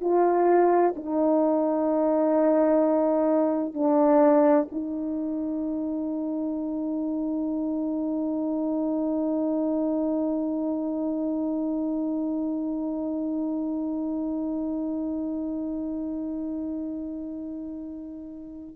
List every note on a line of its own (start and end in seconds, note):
0.00 0.94 F4
0.95 3.73 D#4
3.73 4.67 D4
4.71 18.76 D#4